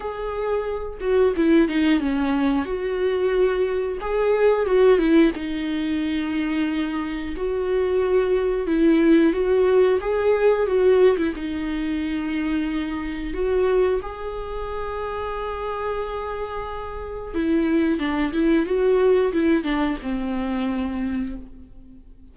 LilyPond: \new Staff \with { instrumentName = "viola" } { \time 4/4 \tempo 4 = 90 gis'4. fis'8 e'8 dis'8 cis'4 | fis'2 gis'4 fis'8 e'8 | dis'2. fis'4~ | fis'4 e'4 fis'4 gis'4 |
fis'8. e'16 dis'2. | fis'4 gis'2.~ | gis'2 e'4 d'8 e'8 | fis'4 e'8 d'8 c'2 | }